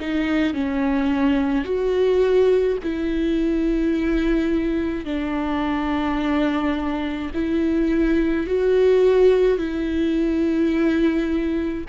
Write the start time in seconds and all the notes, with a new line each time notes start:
0.00 D#4
0.54 C#4
1.64 F#4
2.83 E4
5.05 D4
7.34 E4
8.46 F#4
9.58 E4